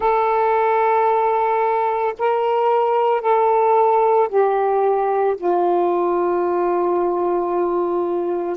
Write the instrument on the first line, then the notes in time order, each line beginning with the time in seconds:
saxophone
0.00 A4
2.18 A#4
3.21 A4
4.29 G4
5.37 F4